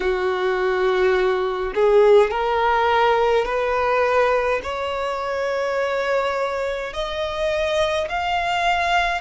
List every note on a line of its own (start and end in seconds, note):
0.00 1.73 F#4
1.75 2.31 G#4
2.31 3.45 A#4
3.45 4.60 B4
4.63 6.93 C#5
6.93 8.08 D#5
8.08 9.20 F5